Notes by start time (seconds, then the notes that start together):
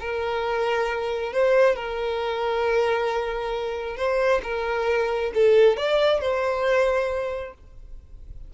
0.00 A#4
1.33 C5
1.76 A#4
3.97 C5
4.43 A#4
5.34 A4
5.77 D5
6.21 C5